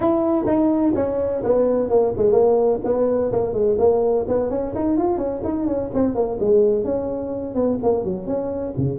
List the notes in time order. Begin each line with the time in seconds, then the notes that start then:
0.00 E4
0.46 D#4
0.95 C#4
1.43 B3
1.89 A#3
2.17 G#3
2.32 A#3
2.84 B3
3.32 A#3
3.53 G#3
3.78 A#3
4.28 B3
4.49 C#4
4.74 D#4
4.97 F4
5.17 C#4
5.44 D#4
5.66 C#4
5.94 C4
6.14 A#3
6.40 G#3
6.84 C#4
7.55 B3
7.82 A#3
8.04 F#3
8.27 C#4
8.77 C#3